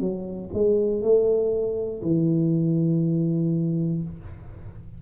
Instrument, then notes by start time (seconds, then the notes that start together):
tuba
0.00 F#3
0.54 G#3
1.02 A3
2.02 E3